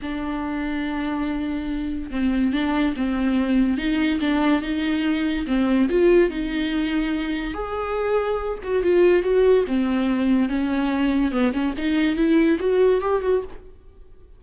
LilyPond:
\new Staff \with { instrumentName = "viola" } { \time 4/4 \tempo 4 = 143 d'1~ | d'4 c'4 d'4 c'4~ | c'4 dis'4 d'4 dis'4~ | dis'4 c'4 f'4 dis'4~ |
dis'2 gis'2~ | gis'8 fis'8 f'4 fis'4 c'4~ | c'4 cis'2 b8 cis'8 | dis'4 e'4 fis'4 g'8 fis'8 | }